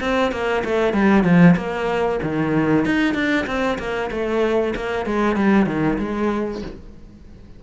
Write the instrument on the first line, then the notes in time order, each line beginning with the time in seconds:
cello
0.00 C4
0.32 A#3
0.65 A3
0.93 G3
1.23 F3
1.57 A#3
2.22 D#3
2.85 D#4
3.14 D4
3.47 C4
3.78 A#3
4.11 A3
4.75 A#3
5.06 G#3
5.36 G3
5.66 D#3
5.99 G#3